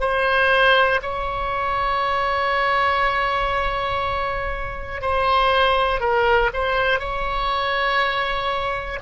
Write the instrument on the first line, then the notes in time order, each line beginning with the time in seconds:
oboe
0.00 C5
1.02 C#5
5.01 C5
6.00 A#4
6.53 C5
7.00 C#5